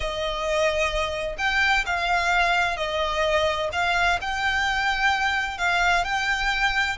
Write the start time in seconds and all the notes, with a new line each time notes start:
0.00 D#5
1.38 G5
1.85 F5
2.76 D#5
3.72 F5
4.21 G5
5.58 F5
6.04 G5